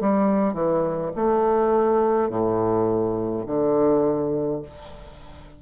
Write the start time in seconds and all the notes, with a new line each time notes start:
0.00 G3
0.53 E3
1.15 A3
2.29 A2
3.46 D3